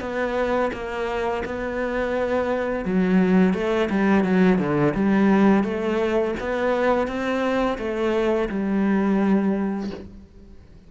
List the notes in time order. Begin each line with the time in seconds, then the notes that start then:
0.00 B3
0.73 A#3
1.45 B3
2.85 F#3
3.54 A3
3.90 G3
4.24 F#3
4.59 D3
4.94 G3
5.64 A3
6.39 B3
7.07 C4
7.78 A3
8.49 G3